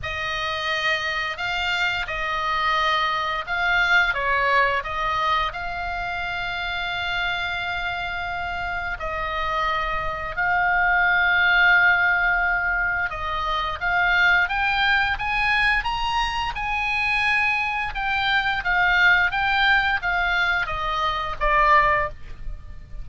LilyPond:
\new Staff \with { instrumentName = "oboe" } { \time 4/4 \tempo 4 = 87 dis''2 f''4 dis''4~ | dis''4 f''4 cis''4 dis''4 | f''1~ | f''4 dis''2 f''4~ |
f''2. dis''4 | f''4 g''4 gis''4 ais''4 | gis''2 g''4 f''4 | g''4 f''4 dis''4 d''4 | }